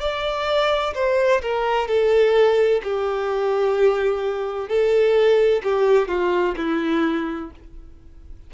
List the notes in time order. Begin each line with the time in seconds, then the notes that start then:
0.00 D5
0.95 C5
1.42 A#4
1.87 A4
2.83 G4
4.68 A4
5.63 G4
6.08 F4
6.57 E4